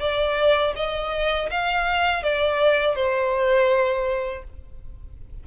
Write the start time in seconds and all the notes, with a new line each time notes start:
0.00 D5
0.76 D#5
1.51 F5
2.23 D5
2.96 C5